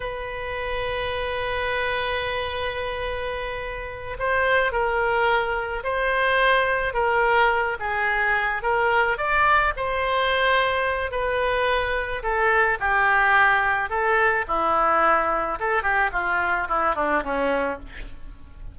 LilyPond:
\new Staff \with { instrumentName = "oboe" } { \time 4/4 \tempo 4 = 108 b'1~ | b'2.~ b'8 c''8~ | c''8 ais'2 c''4.~ | c''8 ais'4. gis'4. ais'8~ |
ais'8 d''4 c''2~ c''8 | b'2 a'4 g'4~ | g'4 a'4 e'2 | a'8 g'8 f'4 e'8 d'8 cis'4 | }